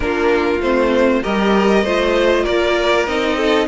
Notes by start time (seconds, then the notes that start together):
0.00 A#3 D4 F4 A#4
0.60 A3 C4 C5
1.22 G3 G4 A#4 D#5
1.83 A3 F4 C5
2.43 A#3 A#4 D5
3.06 C4 D#4 D#5
3.36 A4